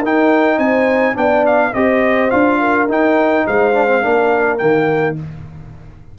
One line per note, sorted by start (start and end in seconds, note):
0.00 0.58 D#4
0.00 1.15 D#4
0.00 0.57 A#4
0.00 0.59 G5
0.58 1.15 C4
0.58 1.15 C5
0.58 1.16 G#5
1.15 1.74 B3
1.15 1.72 D4
1.15 1.72 D5
1.15 1.46 G5
1.46 1.74 F5
1.74 2.32 C4
1.74 2.31 G4
1.74 2.60 C5
1.74 2.31 D#5
2.31 2.88 D4
2.31 2.88 F4
2.31 2.88 F5
2.60 3.46 A#4
2.88 3.46 D#4
2.88 3.74 D#4
2.88 3.47 G5
3.47 4.05 G#3
3.47 4.03 C5
3.47 4.58 F5
3.74 3.88 D4
3.88 4.02 C4
4.02 4.62 A#3
4.02 4.59 D4
4.02 5.17 A#4
4.58 5.19 D#3
4.58 5.16 A#3
4.58 5.16 G5